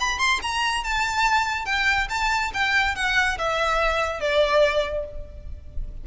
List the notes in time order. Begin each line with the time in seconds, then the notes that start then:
0.00 B5
0.18 C6
0.42 A#5
0.84 A5
1.65 G5
2.09 A5
2.54 G5
2.95 F#5
3.38 E5
4.20 D5